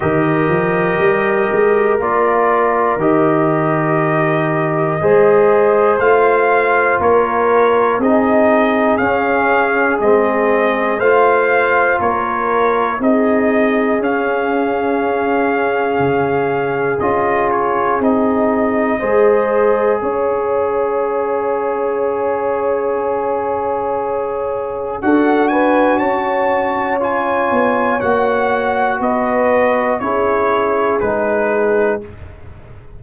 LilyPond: <<
  \new Staff \with { instrumentName = "trumpet" } { \time 4/4 \tempo 4 = 60 dis''2 d''4 dis''4~ | dis''2 f''4 cis''4 | dis''4 f''4 dis''4 f''4 | cis''4 dis''4 f''2~ |
f''4 dis''8 cis''8 dis''2 | f''1~ | f''4 fis''8 gis''8 a''4 gis''4 | fis''4 dis''4 cis''4 b'4 | }
  \new Staff \with { instrumentName = "horn" } { \time 4/4 ais'1~ | ais'4 c''2 ais'4 | gis'2. c''4 | ais'4 gis'2.~ |
gis'2. c''4 | cis''1~ | cis''4 a'8 b'8 cis''2~ | cis''4 b'4 gis'2 | }
  \new Staff \with { instrumentName = "trombone" } { \time 4/4 g'2 f'4 g'4~ | g'4 gis'4 f'2 | dis'4 cis'4 c'4 f'4~ | f'4 dis'4 cis'2~ |
cis'4 f'4 dis'4 gis'4~ | gis'1~ | gis'4 fis'2 f'4 | fis'2 e'4 dis'4 | }
  \new Staff \with { instrumentName = "tuba" } { \time 4/4 dis8 f8 g8 gis8 ais4 dis4~ | dis4 gis4 a4 ais4 | c'4 cis'4 gis4 a4 | ais4 c'4 cis'2 |
cis4 cis'4 c'4 gis4 | cis'1~ | cis'4 d'4 cis'4. b8 | ais4 b4 cis'4 gis4 | }
>>